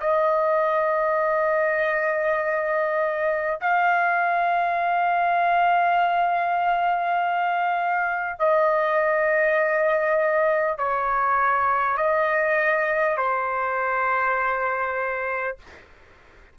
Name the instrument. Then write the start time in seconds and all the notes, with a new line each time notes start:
trumpet
0.00 D#5
3.61 F5
8.39 D#5
10.78 C#5
11.97 D#5
13.17 C5